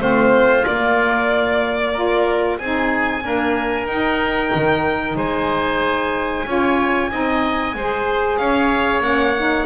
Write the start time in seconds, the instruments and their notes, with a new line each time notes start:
0.00 double bass A3, saxophone C4, oboe F4, violin C5
0.65 double bass A#3, saxophone A#3, violin D5
1.93 saxophone F4, oboe A#4
2.59 double bass C4, saxophone D#4, oboe G#4, violin G#5
3.22 saxophone A#3, double bass D4, oboe A#4
3.87 double bass D#4, saxophone D#4, violin G5
4.55 double bass D#3
5.16 double bass G#3, oboe C5, violin G#5
6.47 double bass C#4, saxophone F4, oboe C#5
7.11 double bass C4, saxophone D#4, oboe D#5
7.75 double bass G#3, oboe C5
7.81 saxophone G#4
8.38 double bass C#4, oboe C#5, violin F5
9.01 double bass A#3, saxophone C#4, violin F#5
9.38 saxophone D#4